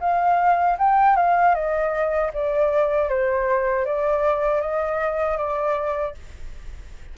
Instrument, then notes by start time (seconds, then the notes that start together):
flute
0.00 F5
0.78 G5
1.16 F5
1.54 D#5
2.33 D5
3.09 C5
3.85 D5
4.61 D#5
5.37 D5